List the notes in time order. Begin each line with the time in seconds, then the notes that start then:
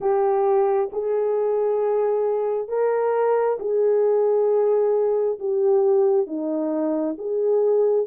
0.00 G4
0.92 G#4
2.68 A#4
3.59 G#4
5.39 G4
6.26 D#4
7.18 G#4